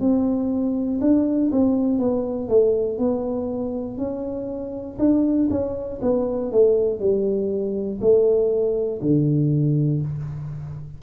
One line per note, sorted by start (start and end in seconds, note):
0.00 1.00 C4
1.01 1.51 D4
1.52 1.99 C4
1.99 2.48 B3
2.48 2.98 A3
2.98 3.98 B3
3.98 4.98 C#4
4.99 5.49 D4
5.50 6.00 C#4
6.01 6.51 B3
6.52 7.00 A3
7.00 8.00 G3
8.00 9.00 A3
9.01 10.01 D3